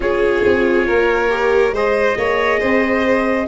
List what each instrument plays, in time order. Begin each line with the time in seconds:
0.00 tuba C#4, viola F4, violin G#4, trumpet C#5
0.44 tuba C4
0.87 tuba A#3, violin A#4
1.29 viola G4
1.72 tuba G#3, viola G#4, violin C5, trumpet D#5
2.17 tuba A#3, violin C#5
2.59 tuba C4, violin C5